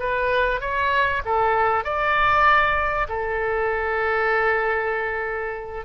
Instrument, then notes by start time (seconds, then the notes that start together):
oboe
0.00 B4
0.61 C#5
1.25 A4
1.84 D5
3.09 A4